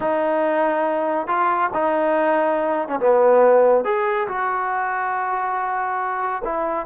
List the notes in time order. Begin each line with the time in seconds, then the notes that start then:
0.00 D#4
1.27 F4
1.73 D#4
2.88 C#4
2.99 B3
3.84 G#4
4.28 F#4
6.44 E4